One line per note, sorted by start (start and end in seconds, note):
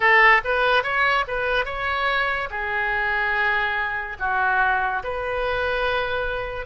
0.00 0.41 A4
0.44 0.83 B4
0.83 1.24 C#5
1.27 1.65 B4
1.65 2.48 C#5
2.50 4.17 G#4
4.19 5.02 F#4
5.03 6.66 B4